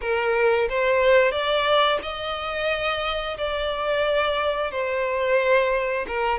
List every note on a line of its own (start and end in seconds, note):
0.01 0.68 A#4
0.69 1.31 C5
1.31 1.99 D5
2.02 3.37 D#5
3.37 4.71 D5
4.71 6.06 C5
6.07 6.39 A#4